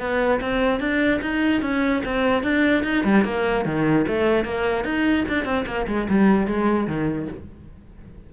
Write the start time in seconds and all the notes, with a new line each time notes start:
0.00 B3
0.41 C4
0.80 D4
1.22 D#4
1.62 C#4
2.05 C4
2.44 D4
2.84 D#4
3.04 G3
3.25 A#3
3.66 D#3
4.08 A3
4.45 A#3
4.85 D#4
5.29 D4
5.45 C4
5.67 A#3
5.88 G#3
6.10 G3
6.48 G#3
6.88 D#3